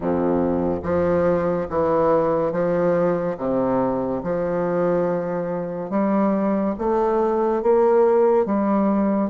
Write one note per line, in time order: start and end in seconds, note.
0.00 0.82 F2
0.82 1.67 F3
1.69 2.51 E3
2.51 3.36 F3
3.37 4.22 C3
4.23 5.90 F3
5.90 6.74 G3
6.78 7.62 A3
7.62 8.45 A#3
8.45 9.30 G3